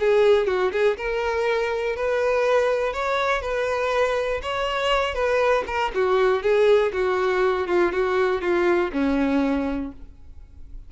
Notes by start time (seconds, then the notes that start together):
0.00 G#4
0.47 F#4
0.73 G#4
0.98 A#4
1.97 B4
2.94 C#5
3.42 B4
4.43 C#5
5.15 B4
5.67 A#4
5.95 F#4
6.43 G#4
6.94 F#4
7.68 F4
7.92 F#4
8.42 F4
8.93 C#4